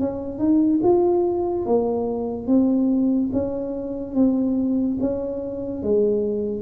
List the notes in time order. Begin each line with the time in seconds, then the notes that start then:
0.00 C#4
0.39 D#4
0.83 F4
1.66 A#3
2.47 C4
3.33 C#4
4.15 C4
5.00 C#4
5.83 G#3